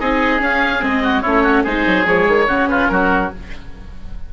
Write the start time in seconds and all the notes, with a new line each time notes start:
0.00 C4 D#4 G#4 D#5
0.39 C#4 F5
0.81 G#3 C4 D#5
1.04 F#4
1.22 A3 C#4 E4 C#5
1.44 F#4
1.63 G#3 D#4 G#4 C5
1.87 F#3
2.06 F3 G#3 C#5
2.28 D#3
2.48 C#3 C#4 F#4
2.69 F4 B4
2.89 F#3 F#4 A#4